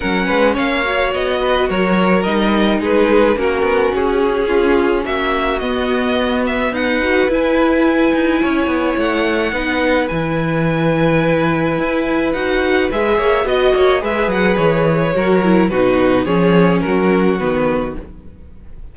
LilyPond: <<
  \new Staff \with { instrumentName = "violin" } { \time 4/4 \tempo 4 = 107 fis''4 f''4 dis''4 cis''4 | dis''4 b'4 ais'4 gis'4~ | gis'4 e''4 dis''4. e''8 | fis''4 gis''2. |
fis''2 gis''2~ | gis''2 fis''4 e''4 | dis''4 e''8 fis''8 cis''2 | b'4 cis''4 ais'4 b'4 | }
  \new Staff \with { instrumentName = "violin" } { \time 4/4 ais'8 b'8 cis''4. b'8 ais'4~ | ais'4 gis'4 fis'2 | f'4 fis'2. | b'2. cis''4~ |
cis''4 b'2.~ | b'2.~ b'8 cis''8 | dis''8 cis''8 b'2 ais'4 | fis'4 gis'4 fis'2 | }
  \new Staff \with { instrumentName = "viola" } { \time 4/4 cis'4. fis'2~ fis'8 | dis'2 cis'2~ | cis'2 b2~ | b8 fis'8 e'2.~ |
e'4 dis'4 e'2~ | e'2 fis'4 gis'4 | fis'4 gis'2 fis'8 e'8 | dis'4 cis'2 b4 | }
  \new Staff \with { instrumentName = "cello" } { \time 4/4 fis8 gis8 ais4 b4 fis4 | g4 gis4 ais8 b8 cis'4~ | cis'4 ais4 b2 | dis'4 e'4. dis'8 cis'8 b8 |
a4 b4 e2~ | e4 e'4 dis'4 gis8 ais8 | b8 ais8 gis8 fis8 e4 fis4 | b,4 f4 fis4 dis4 | }
>>